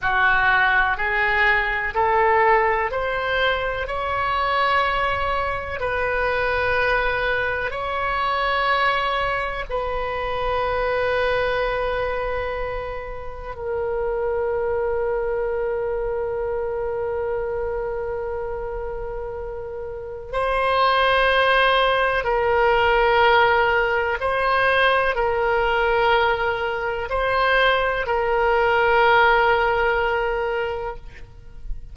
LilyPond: \new Staff \with { instrumentName = "oboe" } { \time 4/4 \tempo 4 = 62 fis'4 gis'4 a'4 c''4 | cis''2 b'2 | cis''2 b'2~ | b'2 ais'2~ |
ais'1~ | ais'4 c''2 ais'4~ | ais'4 c''4 ais'2 | c''4 ais'2. | }